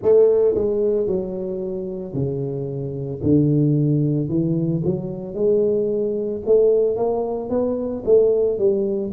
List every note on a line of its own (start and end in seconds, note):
0.02 0.54 A3
0.54 1.07 G#3
1.07 2.13 F#3
2.13 3.20 C#3
3.22 4.29 D3
4.29 4.82 E3
4.84 5.34 F#3
5.34 6.41 G#3
6.46 6.96 A3
6.96 7.49 A#3
7.49 8.03 B3
8.05 8.58 A3
8.58 9.11 G3